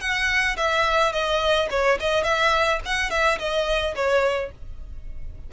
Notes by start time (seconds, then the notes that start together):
0.00 F#5
0.56 E5
1.12 D#5
1.70 C#5
2.00 D#5
2.23 E5
2.85 F#5
3.10 E5
3.38 D#5
3.95 C#5